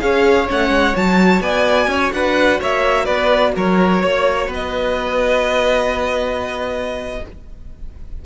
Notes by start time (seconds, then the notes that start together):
0.00 C#4 G#4 C#5 F5
0.48 A3 C#4 F#5
0.70 G#3
0.94 F#3 F#4 A5
1.41 B3 D5 G#5
1.88 C#4 C#5
2.13 D4 B4 F#5
2.60 A#3 C#5 E5
3.05 B3 B4 D5
3.56 F#3 A#4 C#5
4.02 A#3 C#5
4.47 B3 B4
4.54 D#5